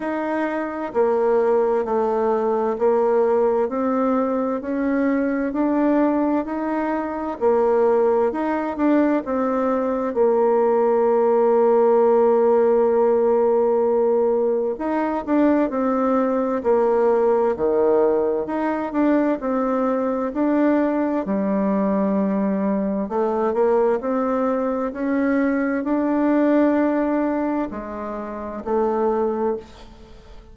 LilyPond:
\new Staff \with { instrumentName = "bassoon" } { \time 4/4 \tempo 4 = 65 dis'4 ais4 a4 ais4 | c'4 cis'4 d'4 dis'4 | ais4 dis'8 d'8 c'4 ais4~ | ais1 |
dis'8 d'8 c'4 ais4 dis4 | dis'8 d'8 c'4 d'4 g4~ | g4 a8 ais8 c'4 cis'4 | d'2 gis4 a4 | }